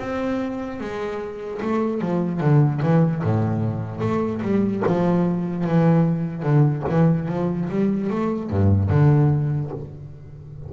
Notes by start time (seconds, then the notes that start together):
0.00 C4
0.81 G#3
1.63 A3
2.02 F3
2.41 D3
2.83 E3
3.24 A2
4.01 A3
4.43 G3
4.87 F3
5.65 E3
6.43 D3
6.90 E3
7.29 F3
7.70 G3
8.10 A3
8.50 G2
8.90 D3